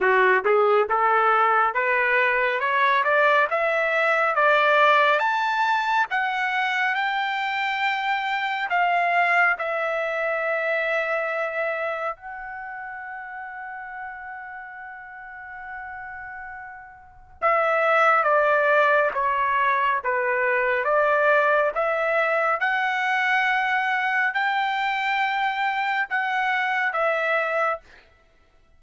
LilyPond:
\new Staff \with { instrumentName = "trumpet" } { \time 4/4 \tempo 4 = 69 fis'8 gis'8 a'4 b'4 cis''8 d''8 | e''4 d''4 a''4 fis''4 | g''2 f''4 e''4~ | e''2 fis''2~ |
fis''1 | e''4 d''4 cis''4 b'4 | d''4 e''4 fis''2 | g''2 fis''4 e''4 | }